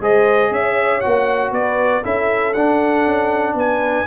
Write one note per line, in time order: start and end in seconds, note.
0.00 0.51 G#3
0.00 1.02 G#4
0.00 0.52 C5
0.00 0.53 D#5
0.51 1.02 C#4
0.51 1.53 C#5
0.51 1.01 E5
1.01 1.51 A#3
1.01 2.03 F#4
1.01 1.51 F#5
1.51 2.02 B3
1.51 2.03 B4
1.51 2.04 D5
2.03 2.55 C#4
2.03 2.54 E4
2.03 3.55 A4
2.03 2.53 E5
2.53 3.06 D4
2.53 4.07 D4
2.53 3.55 F#5
3.06 3.54 C#4
3.54 4.05 B3
3.54 4.07 B4
3.54 4.07 G#5